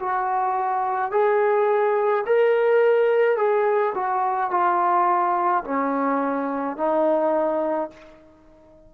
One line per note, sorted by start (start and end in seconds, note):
0.00 1.12 F#4
1.12 2.25 G#4
2.26 3.38 A#4
3.38 3.94 G#4
3.95 4.51 F#4
4.51 5.64 F4
5.64 6.77 C#4
6.77 7.90 D#4